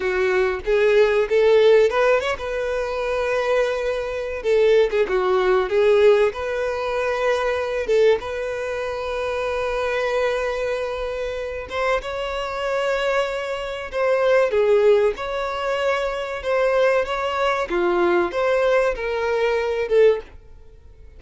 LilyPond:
\new Staff \with { instrumentName = "violin" } { \time 4/4 \tempo 4 = 95 fis'4 gis'4 a'4 b'8 cis''16 b'16~ | b'2. a'8. gis'16 | fis'4 gis'4 b'2~ | b'8 a'8 b'2.~ |
b'2~ b'8 c''8 cis''4~ | cis''2 c''4 gis'4 | cis''2 c''4 cis''4 | f'4 c''4 ais'4. a'8 | }